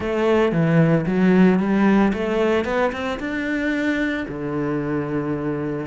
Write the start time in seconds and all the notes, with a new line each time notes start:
0.00 A3
0.52 E3
1.06 F#3
1.59 G3
2.13 A3
2.65 B3
2.92 C4
3.19 D4
4.28 D3